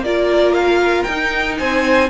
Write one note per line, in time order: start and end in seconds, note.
0.00 1.03 A#3
0.00 1.08 F4
0.00 0.54 D5
0.06 1.59 A#4
0.54 1.03 F5
1.03 1.60 D#4
1.03 2.10 D#4
1.03 1.55 G5
1.59 2.10 C4
1.59 2.10 C5
1.59 2.10 G#5